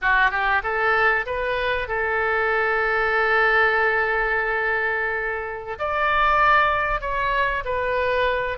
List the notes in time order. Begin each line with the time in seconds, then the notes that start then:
0.01 F#4
0.30 G4
0.63 A4
1.26 B4
1.88 A4
5.78 D5
7.01 C#5
7.64 B4